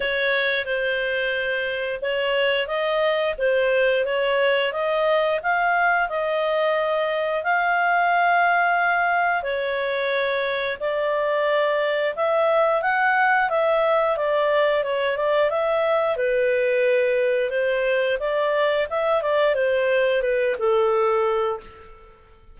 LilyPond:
\new Staff \with { instrumentName = "clarinet" } { \time 4/4 \tempo 4 = 89 cis''4 c''2 cis''4 | dis''4 c''4 cis''4 dis''4 | f''4 dis''2 f''4~ | f''2 cis''2 |
d''2 e''4 fis''4 | e''4 d''4 cis''8 d''8 e''4 | b'2 c''4 d''4 | e''8 d''8 c''4 b'8 a'4. | }